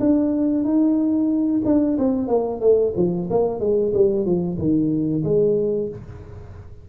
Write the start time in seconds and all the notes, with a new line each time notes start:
0.00 D4
0.64 D#4
1.65 D4
1.98 C4
2.28 A#3
2.61 A3
2.96 F3
3.30 A#3
3.60 G#3
3.94 G3
4.25 F3
4.58 D#3
5.24 G#3